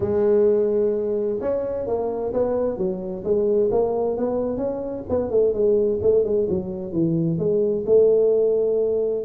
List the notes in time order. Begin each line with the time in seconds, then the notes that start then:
0.00 G#3
1.40 C#4
1.86 A#3
2.33 B3
2.77 F#3
3.23 G#3
3.71 A#3
4.17 B3
4.57 C#4
5.09 B3
5.30 A3
5.53 G#3
6.02 A3
6.24 G#3
6.49 F#3
6.92 E3
7.38 G#3
7.86 A3